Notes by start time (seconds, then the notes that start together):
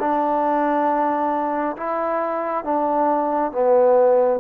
0.00 D4
1.77 E4
2.65 D4
3.52 B3